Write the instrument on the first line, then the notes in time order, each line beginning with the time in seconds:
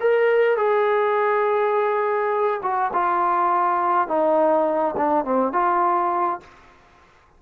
trombone
0.00 A#4
0.57 G#4
2.62 F#4
2.93 F4
4.08 D#4
4.97 D4
5.24 C4
5.53 F4